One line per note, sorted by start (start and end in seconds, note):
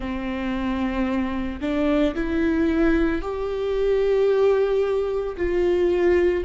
0.00 1.60 C4
1.60 2.14 D4
2.14 3.21 E4
3.21 5.36 G4
5.36 6.43 F4